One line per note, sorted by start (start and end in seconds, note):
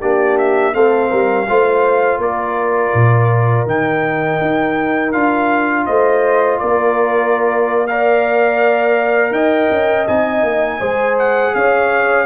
0.00 0.74 A#3
0.00 0.73 D4
0.00 0.73 G4
0.00 0.37 D5
0.38 0.74 E5
0.73 1.10 A3
0.73 1.46 C4
0.73 1.09 A4
0.73 2.20 F5
1.09 1.48 G3
1.09 1.46 A#4
1.48 2.18 A3
1.48 3.67 F4
1.48 2.21 C5
2.18 2.91 A#3
2.18 5.86 A#4
2.18 3.67 D5
2.94 3.65 A#2
3.65 4.39 D#3
3.65 5.13 D#4
3.65 5.12 G5
4.41 5.14 D#4
5.12 5.87 D4
5.12 7.88 F4
5.12 5.85 F5
5.86 6.61 A3
5.86 6.59 C5
5.86 6.59 D#5
6.59 9.31 A#3
6.59 7.89 A#4
6.59 7.87 D5
7.87 10.08 A#4
7.87 9.34 D5
7.87 9.33 F5
9.31 9.67 D#4
9.31 10.79 D#5
9.31 10.06 G5
9.70 10.07 C#4
10.07 10.42 C4
10.07 10.80 D#4
10.07 11.17 G#5
10.42 10.79 A#3
10.79 11.54 G#3
10.79 12.25 G#4
10.79 11.53 C5
11.18 11.54 F#5
11.54 12.25 C#4
11.54 12.25 C#5
11.54 12.25 F5